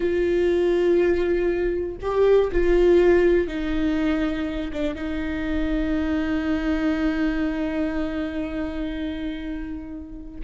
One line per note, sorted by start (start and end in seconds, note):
0.00 1.96 F4
2.01 2.50 G4
2.52 3.47 F4
3.47 4.71 D#4
4.72 4.95 D4
4.95 10.40 D#4